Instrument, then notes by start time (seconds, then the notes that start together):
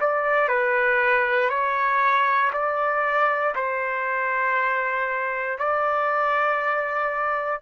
trumpet
0.00 D5
0.48 B4
1.49 C#5
2.53 D5
3.55 C5
5.58 D5